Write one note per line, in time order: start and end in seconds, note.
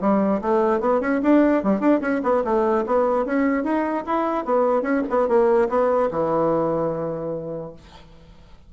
0.00 0.41 G3
0.41 0.80 A3
0.80 1.00 B3
1.00 1.21 C#4
1.22 1.63 D4
1.63 1.80 G3
1.80 2.00 D4
2.00 2.21 C#4
2.23 2.43 B3
2.44 2.84 A3
2.86 3.25 B3
3.25 3.63 C#4
3.63 4.04 D#4
4.06 4.44 E4
4.44 4.82 B3
4.82 5.02 C#4
5.09 5.28 B3
5.28 5.68 A#3
5.68 6.09 B3
6.11 7.73 E3